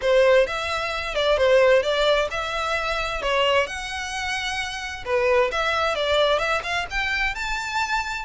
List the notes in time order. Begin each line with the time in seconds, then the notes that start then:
0.01 C5
0.46 E5
1.15 D5
1.37 C5
1.82 D5
2.30 E5
3.21 C#5
3.66 F#5
5.05 B4
5.51 E5
5.95 D5
6.39 E5
6.63 F5
6.90 G5
7.34 A5